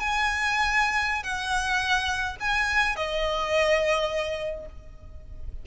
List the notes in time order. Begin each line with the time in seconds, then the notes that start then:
0.00 G#5
1.24 F#5
2.41 G#5
2.97 D#5